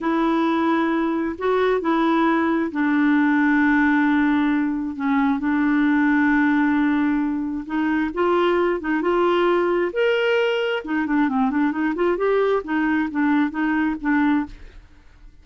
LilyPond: \new Staff \with { instrumentName = "clarinet" } { \time 4/4 \tempo 4 = 133 e'2. fis'4 | e'2 d'2~ | d'2. cis'4 | d'1~ |
d'4 dis'4 f'4. dis'8 | f'2 ais'2 | dis'8 d'8 c'8 d'8 dis'8 f'8 g'4 | dis'4 d'4 dis'4 d'4 | }